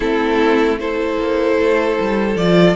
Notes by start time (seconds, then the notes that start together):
0.00 A3 C4 E4 A4
0.79 E4 A4 C5
1.18 A#3
1.59 A3
2.00 G3
2.35 F3 F4 D5